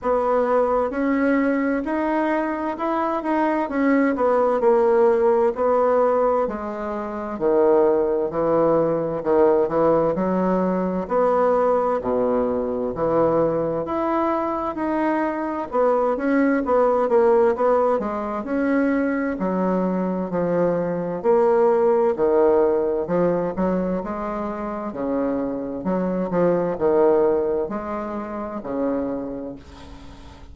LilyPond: \new Staff \with { instrumentName = "bassoon" } { \time 4/4 \tempo 4 = 65 b4 cis'4 dis'4 e'8 dis'8 | cis'8 b8 ais4 b4 gis4 | dis4 e4 dis8 e8 fis4 | b4 b,4 e4 e'4 |
dis'4 b8 cis'8 b8 ais8 b8 gis8 | cis'4 fis4 f4 ais4 | dis4 f8 fis8 gis4 cis4 | fis8 f8 dis4 gis4 cis4 | }